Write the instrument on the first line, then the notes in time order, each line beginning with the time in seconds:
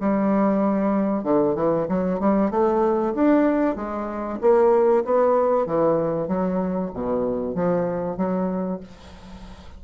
bassoon
0.00 G3
1.23 D3
1.55 E3
1.89 F#3
2.20 G3
2.51 A3
3.15 D4
3.76 G#3
4.41 A#3
5.04 B3
5.66 E3
6.28 F#3
6.93 B2
7.55 F3
8.17 F#3